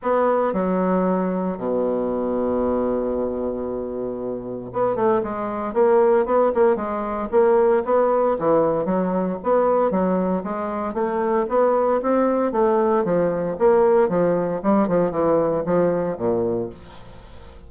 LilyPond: \new Staff \with { instrumentName = "bassoon" } { \time 4/4 \tempo 4 = 115 b4 fis2 b,4~ | b,1~ | b,4 b8 a8 gis4 ais4 | b8 ais8 gis4 ais4 b4 |
e4 fis4 b4 fis4 | gis4 a4 b4 c'4 | a4 f4 ais4 f4 | g8 f8 e4 f4 ais,4 | }